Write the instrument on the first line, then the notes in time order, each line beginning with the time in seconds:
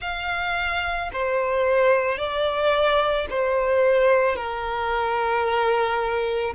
violin
0.01 F5
1.13 C5
2.18 D5
3.30 C5
4.35 A#4